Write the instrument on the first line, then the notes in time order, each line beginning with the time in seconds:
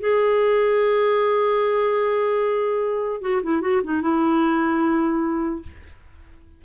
clarinet
0.00 G#4
3.22 F#4
3.43 E4
3.62 F#4
3.84 D#4
4.02 E4